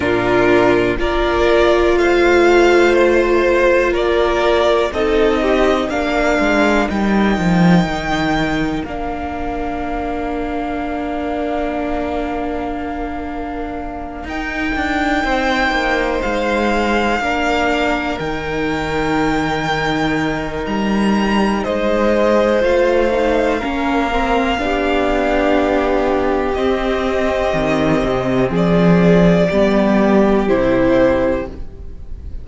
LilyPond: <<
  \new Staff \with { instrumentName = "violin" } { \time 4/4 \tempo 4 = 61 ais'4 d''4 f''4 c''4 | d''4 dis''4 f''4 g''4~ | g''4 f''2.~ | f''2~ f''8 g''4.~ |
g''8 f''2 g''4.~ | g''4 ais''4 dis''4 f''4~ | f''2. dis''4~ | dis''4 d''2 c''4 | }
  \new Staff \with { instrumentName = "violin" } { \time 4/4 f'4 ais'4 c''2 | ais'4 a'8 g'8 ais'2~ | ais'1~ | ais'2.~ ais'8 c''8~ |
c''4. ais'2~ ais'8~ | ais'2 c''2 | ais'4 g'2.~ | g'4 gis'4 g'2 | }
  \new Staff \with { instrumentName = "viola" } { \time 4/4 d'4 f'2.~ | f'4 dis'4 d'4 dis'4~ | dis'4 d'2.~ | d'2~ d'8 dis'4.~ |
dis'4. d'4 dis'4.~ | dis'2. f'8 dis'8 | cis'8 c'8 d'2 c'4~ | c'2 b4 e'4 | }
  \new Staff \with { instrumentName = "cello" } { \time 4/4 ais,4 ais4 a2 | ais4 c'4 ais8 gis8 g8 f8 | dis4 ais2.~ | ais2~ ais8 dis'8 d'8 c'8 |
ais8 gis4 ais4 dis4.~ | dis4 g4 gis4 a4 | ais4 b2 c'4 | dis8 c8 f4 g4 c4 | }
>>